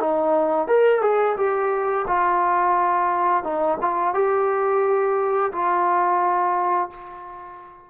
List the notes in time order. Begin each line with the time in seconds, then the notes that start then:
0.00 D#4
0.68 A#4
1.02 G#4
1.37 G4
2.07 F4
3.44 D#4
3.81 F4
4.14 G4
5.52 F4